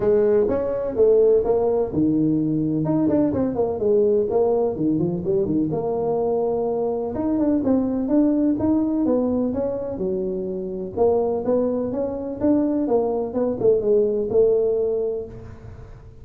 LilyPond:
\new Staff \with { instrumentName = "tuba" } { \time 4/4 \tempo 4 = 126 gis4 cis'4 a4 ais4 | dis2 dis'8 d'8 c'8 ais8 | gis4 ais4 dis8 f8 g8 dis8 | ais2. dis'8 d'8 |
c'4 d'4 dis'4 b4 | cis'4 fis2 ais4 | b4 cis'4 d'4 ais4 | b8 a8 gis4 a2 | }